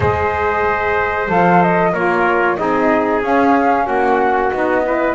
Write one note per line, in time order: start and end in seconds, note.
0.00 1.28 G#3
0.00 1.27 G#4
0.00 1.92 C5
0.00 1.29 D#5
1.27 1.93 F3
1.27 1.91 A4
1.27 1.62 F5
1.62 1.93 D#5
1.92 2.58 A#3
1.92 2.57 F4
1.92 2.56 A#4
1.92 2.56 C#5
2.56 3.22 C4
2.56 3.22 D#4
2.56 3.85 G#4
2.56 3.21 D#5
3.22 4.51 C#4
3.22 3.87 C#4
3.22 3.86 F5
3.85 4.51 A#3
3.85 4.82 F#4
3.85 4.51 F#5
4.51 5.15 B3
4.51 4.85 D#4
4.51 5.15 D#5
4.85 5.15 E4
4.85 5.15 B4